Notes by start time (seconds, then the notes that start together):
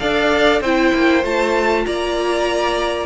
0.00 D4 A4 D5 F5
0.61 C4 E4 C5 G5
0.94 A#3
1.23 A3 F4 A5
1.86 A#3 D5 A#5